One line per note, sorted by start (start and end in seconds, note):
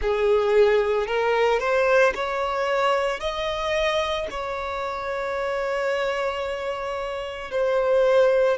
0.01 1.06 G#4
1.06 1.59 A#4
1.59 2.13 C5
2.14 3.19 C#5
3.19 4.27 D#5
4.30 7.50 C#5
7.50 8.57 C5